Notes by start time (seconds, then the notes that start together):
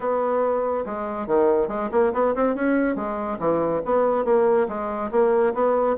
0.00 B3
0.85 G#3
1.26 D#3
1.68 G#3
1.91 A#3
2.13 B3
2.35 C4
2.55 C#4
2.95 G#3
3.39 E3
3.85 B3
4.24 A#3
4.68 G#3
5.11 A#3
5.54 B3